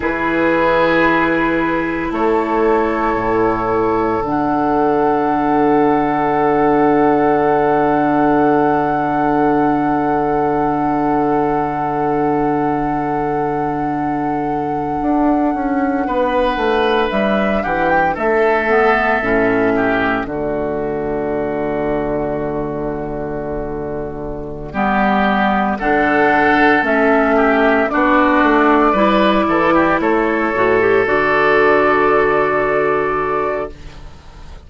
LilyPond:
<<
  \new Staff \with { instrumentName = "flute" } { \time 4/4 \tempo 4 = 57 b'2 cis''2 | fis''1~ | fis''1~ | fis''1~ |
fis''16 e''8 fis''16 g''16 e''2 d''8.~ | d''1~ | d''8 fis''4 e''4 d''4.~ | d''8 cis''4 d''2~ d''8 | }
  \new Staff \with { instrumentName = "oboe" } { \time 4/4 gis'2 a'2~ | a'1~ | a'1~ | a'2.~ a'16 b'8.~ |
b'8. g'8 a'4. g'8 fis'8.~ | fis'2.~ fis'8 g'8~ | g'8 a'4. g'8 fis'4 b'8 | a'16 g'16 a'2.~ a'8 | }
  \new Staff \with { instrumentName = "clarinet" } { \time 4/4 e'1 | d'1~ | d'1~ | d'1~ |
d'4.~ d'16 b8 cis'4 a8.~ | a2.~ a8 b8~ | b8 d'4 cis'4 d'4 e'8~ | e'4 fis'16 g'16 fis'2~ fis'8 | }
  \new Staff \with { instrumentName = "bassoon" } { \time 4/4 e2 a4 a,4 | d1~ | d1~ | d2~ d16 d'8 cis'8 b8 a16~ |
a16 g8 e8 a4 a,4 d8.~ | d2.~ d8 g8~ | g8 d4 a4 b8 a8 g8 | e8 a8 a,8 d2~ d8 | }
>>